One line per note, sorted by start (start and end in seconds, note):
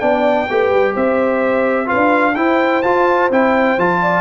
0.00 0.49 B3
0.00 0.48 D4
0.00 0.48 D5
0.00 0.94 G5
0.50 0.70 A3
0.50 1.86 G4
0.50 0.94 B4
0.70 0.94 G3
0.94 1.91 C4
0.94 1.87 C5
0.94 1.89 E5
1.86 2.33 F4
1.86 2.34 B4
1.86 2.36 F5
1.92 2.37 D4
2.36 2.84 E4
2.36 4.02 C5
2.36 2.83 G5
2.83 3.30 F4
2.83 3.32 F4
2.83 3.30 A5
3.30 3.77 C4
3.30 3.79 E4
3.30 3.80 G5
3.78 4.21 F3
3.78 4.21 F4
3.78 4.21 A5
4.02 4.21 D5